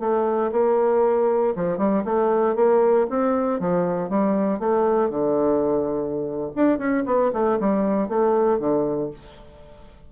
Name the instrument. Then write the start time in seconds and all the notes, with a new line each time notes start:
bassoon
0.00 A3
0.52 A#3
1.56 F3
1.78 G3
2.05 A3
2.55 A#3
3.10 C4
3.60 F3
4.10 G3
4.59 A3
5.10 D3
6.56 D4
6.79 C#4
7.06 B3
7.33 A3
7.60 G3
8.09 A3
8.59 D3